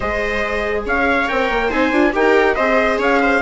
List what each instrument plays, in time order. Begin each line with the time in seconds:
0.00 bassoon G#3, viola G#4 C5, trumpet D#5
0.85 bassoon C#4, viola C#5, trumpet F5
1.27 bassoon C4, viola A#4, trumpet G5
1.49 bassoon A#3
1.67 bassoon C4, viola D#4 C5, trumpet G#5
1.91 bassoon D4, viola F4
2.12 bassoon D#4, viola G4 A#4, trumpet G5
2.55 bassoon C4, viola G#4 C5, trumpet D#5
2.98 bassoon C#4, viola C#5, trumpet F5
3.21 viola C5